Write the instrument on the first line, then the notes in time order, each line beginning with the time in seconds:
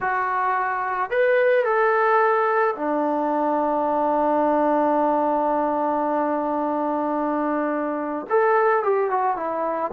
trombone
0.00 F#4
1.10 B4
1.64 A4
2.75 D4
8.29 A4
8.83 G4
9.10 F#4
9.36 E4